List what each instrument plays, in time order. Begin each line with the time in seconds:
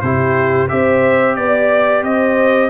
0.00 tuba C3, trombone E4, horn G4, trumpet C5
0.68 tuba C4, trombone G4, horn C5, trumpet E5
1.35 tuba B3, trumpet D5, horn D5
2.03 tuba C4, horn C5, trumpet D#5